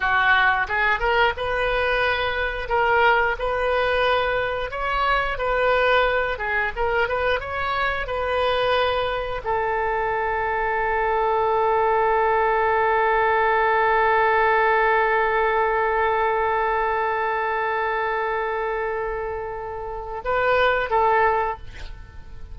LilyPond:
\new Staff \with { instrumentName = "oboe" } { \time 4/4 \tempo 4 = 89 fis'4 gis'8 ais'8 b'2 | ais'4 b'2 cis''4 | b'4. gis'8 ais'8 b'8 cis''4 | b'2 a'2~ |
a'1~ | a'1~ | a'1~ | a'2 b'4 a'4 | }